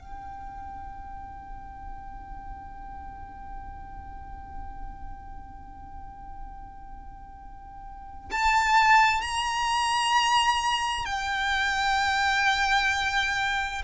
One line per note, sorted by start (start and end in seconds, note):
0.00 8.31 G5
8.32 9.22 A5
9.22 11.06 A#5
11.06 13.83 G5